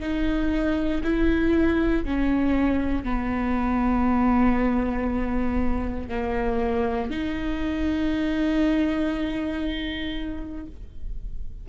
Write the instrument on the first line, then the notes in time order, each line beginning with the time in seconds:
viola
0.00 D#4
1.04 E4
2.05 C#4
3.04 B3
6.09 A#3
7.10 D#4